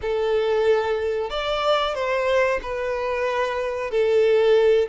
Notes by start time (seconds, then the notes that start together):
0.01 A4
1.30 D5
1.94 C5
2.62 B4
3.90 A4